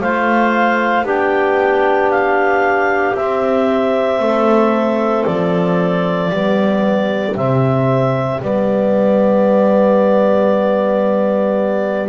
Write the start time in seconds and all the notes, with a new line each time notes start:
0.00 A3 F4 C5 F5
1.03 B3 D4 G4 G5
2.11 F5
3.14 C4 E5
4.19 A3 A4
5.25 F3 D5
6.30 G3 B3 G4
7.35 C3 C4 E5
8.40 G3 B3 D5